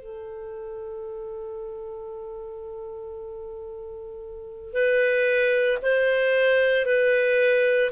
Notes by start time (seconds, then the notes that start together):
0.00 A4
4.73 B4
5.82 C5
6.86 B4